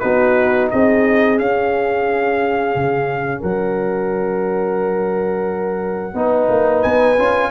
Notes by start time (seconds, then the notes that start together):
0.00 B3 D#4 F#4 B4
0.71 C4 G#4 D#5
1.38 C#4 F5
2.76 C#3
3.40 F#3 A#4 F#5
6.14 B3 D#4 B4
6.50 A#3
6.83 B3 G#5
7.18 C#4 F4